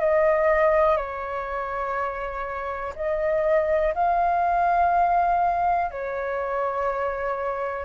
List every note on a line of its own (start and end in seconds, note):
0.00 0.97 D#5
0.97 2.94 C#5
2.96 3.94 D#5
3.95 5.91 F5
5.91 7.86 C#5